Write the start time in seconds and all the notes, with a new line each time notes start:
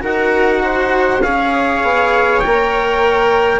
0.00 D#4 F#4 A#4 F#5
0.63 C5
1.21 C#4 G#4 C#5 F5
1.82 B3
2.40 A#3 A#4 G5